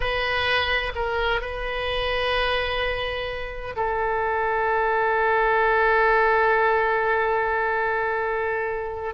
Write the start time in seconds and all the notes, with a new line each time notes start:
0.00 B4
0.95 A#4
1.41 B4
3.76 A4